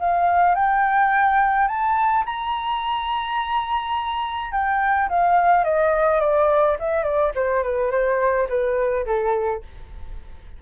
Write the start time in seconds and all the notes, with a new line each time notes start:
0.00 F5
0.56 G5
1.68 A5
2.26 A#5
4.52 G5
5.09 F5
5.65 D#5
6.21 D5
6.80 E5
7.04 D5
7.36 C5
7.63 B4
7.92 C5
8.50 B4
9.06 A4